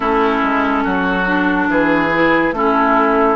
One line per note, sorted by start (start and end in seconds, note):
0.00 0.42 A3
0.00 1.24 C#4
0.00 0.83 E4
0.00 1.69 A4
0.42 0.85 G#3
0.83 1.68 F#3
0.83 1.68 F#4
1.25 2.10 D4
1.68 2.51 E3
1.68 2.54 G#4
1.68 2.53 B4
2.13 2.54 E4
2.51 3.36 A3
2.51 3.36 C#4
2.51 3.36 E4
2.51 3.36 A4